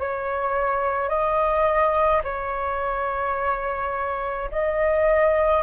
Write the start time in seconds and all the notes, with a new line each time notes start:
0.00 C#5
1.09 D#5
2.24 C#5
4.52 D#5